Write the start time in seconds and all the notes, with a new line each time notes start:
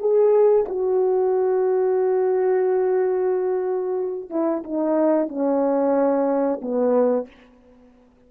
0.00 G#4
0.69 F#4
4.30 E4
4.64 D#4
5.29 C#4
6.62 B3